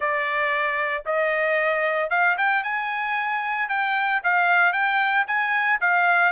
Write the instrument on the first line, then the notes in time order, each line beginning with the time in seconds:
trumpet
0.00 D5
1.05 D#5
2.10 F5
2.37 G5
2.63 G#5
3.68 G5
4.23 F5
4.72 G5
5.27 G#5
5.80 F5